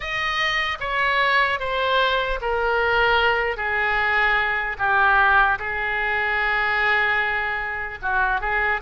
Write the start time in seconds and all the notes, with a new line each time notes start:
0.00 D#5
0.80 C#5
1.59 C5
2.41 A#4
3.56 G#4
4.78 G4
5.58 G#4
8.02 F#4
8.40 G#4